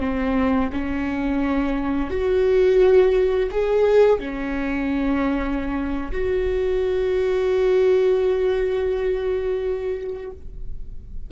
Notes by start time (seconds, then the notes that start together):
0.00 C4
0.72 C#4
2.10 F#4
3.51 G#4
4.19 C#4
6.12 F#4